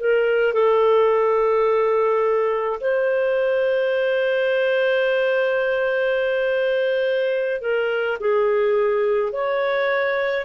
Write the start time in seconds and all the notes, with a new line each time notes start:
0.00 A#4
0.54 A4
2.81 C5
7.62 A#4
8.21 G#4
9.33 C#5